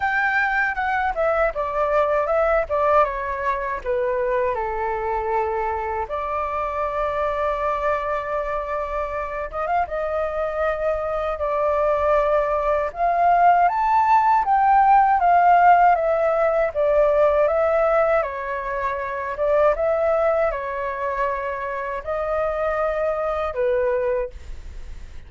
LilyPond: \new Staff \with { instrumentName = "flute" } { \time 4/4 \tempo 4 = 79 g''4 fis''8 e''8 d''4 e''8 d''8 | cis''4 b'4 a'2 | d''1~ | d''8 dis''16 f''16 dis''2 d''4~ |
d''4 f''4 a''4 g''4 | f''4 e''4 d''4 e''4 | cis''4. d''8 e''4 cis''4~ | cis''4 dis''2 b'4 | }